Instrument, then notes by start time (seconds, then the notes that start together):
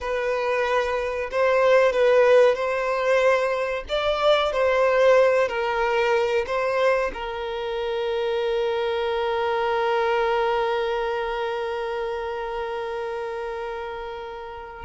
violin
0.00 B4
1.31 C5
1.92 B4
2.55 C5
3.89 D5
4.52 C5
5.48 A#4
6.46 C5
7.13 A#4